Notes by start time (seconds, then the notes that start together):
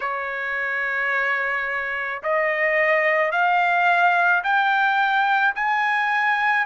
0.00 C#5
2.22 D#5
3.31 F5
4.43 G5
5.55 G#5